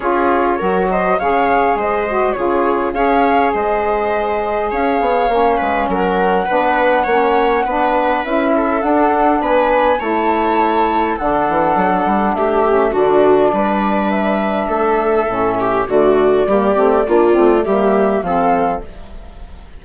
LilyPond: <<
  \new Staff \with { instrumentName = "flute" } { \time 4/4 \tempo 4 = 102 cis''4. dis''8 f''4 dis''4 | cis''4 f''4 dis''2 | f''2 fis''2~ | fis''2 e''4 fis''4 |
gis''4 a''2 fis''4~ | fis''4 e''4 d''2 | e''2. d''4~ | d''2 e''4 f''4 | }
  \new Staff \with { instrumentName = "viola" } { \time 4/4 gis'4 ais'8 c''8 cis''4 c''4 | gis'4 cis''4 c''2 | cis''4. b'8 ais'4 b'4 | cis''4 b'4. a'4. |
b'4 cis''2 a'4~ | a'4 g'4 fis'4 b'4~ | b'4 a'4. g'8 fis'4 | g'4 f'4 g'4 a'4 | }
  \new Staff \with { instrumentName = "saxophone" } { \time 4/4 f'4 fis'4 gis'4. fis'8 | f'4 gis'2.~ | gis'4 cis'2 d'4 | cis'4 d'4 e'4 d'4~ |
d'4 e'2 d'4~ | d'4. cis'8 d'2~ | d'2 cis'4 a4 | ais8 c'8 d'8 c'8 ais4 c'4 | }
  \new Staff \with { instrumentName = "bassoon" } { \time 4/4 cis'4 fis4 cis4 gis4 | cis4 cis'4 gis2 | cis'8 b8 ais8 gis8 fis4 b4 | ais4 b4 cis'4 d'4 |
b4 a2 d8 e8 | fis8 g8 a4 d4 g4~ | g4 a4 a,4 d4 | g8 a8 ais8 a8 g4 f4 | }
>>